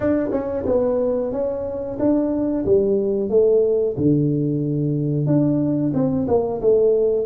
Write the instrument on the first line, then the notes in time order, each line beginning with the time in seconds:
tuba
0.00 D4
0.31 C#4
0.66 B3
1.32 C#4
1.99 D4
2.65 G3
3.29 A3
3.97 D3
5.26 D4
5.93 C4
6.27 A#3
6.61 A3